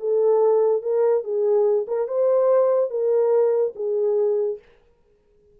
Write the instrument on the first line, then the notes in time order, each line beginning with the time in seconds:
horn
0.00 A4
0.82 A#4
1.24 G#4
1.87 A#4
2.08 C5
2.90 A#4
3.76 G#4